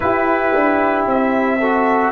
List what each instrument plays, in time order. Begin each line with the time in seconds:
0.00 trombone E4, tuba E4, horn G4, trumpet B4
0.54 tuba D4
1.06 tuba C4, trumpet E5
1.59 trombone F#4, horn A4